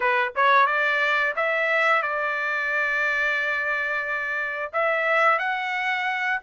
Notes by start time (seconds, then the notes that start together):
0.00 B4
0.35 C#5
0.66 D5
1.35 E5
2.02 D5
4.72 E5
5.38 F#5